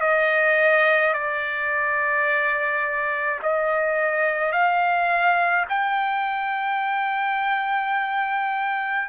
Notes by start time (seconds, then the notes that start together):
0.00 D#5
1.13 D5
3.42 D#5
4.52 F5
5.69 G5